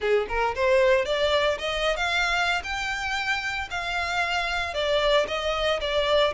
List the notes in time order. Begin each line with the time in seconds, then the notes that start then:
0.00 G#4
0.28 A#4
0.55 C5
1.05 D5
1.58 D#5
1.96 F5
2.63 G5
3.70 F5
4.73 D5
5.27 D#5
5.80 D5